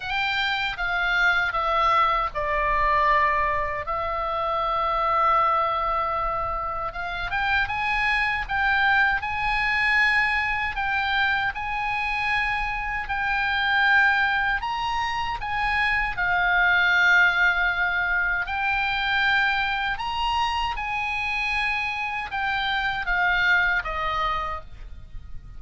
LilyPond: \new Staff \with { instrumentName = "oboe" } { \time 4/4 \tempo 4 = 78 g''4 f''4 e''4 d''4~ | d''4 e''2.~ | e''4 f''8 g''8 gis''4 g''4 | gis''2 g''4 gis''4~ |
gis''4 g''2 ais''4 | gis''4 f''2. | g''2 ais''4 gis''4~ | gis''4 g''4 f''4 dis''4 | }